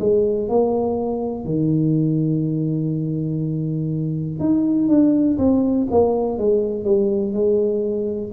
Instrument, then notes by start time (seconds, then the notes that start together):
tuba
0.00 G#3
0.49 A#3
1.45 D#3
4.39 D#4
4.89 D4
5.38 C4
5.91 A#3
6.38 G#3
6.85 G3
7.33 G#3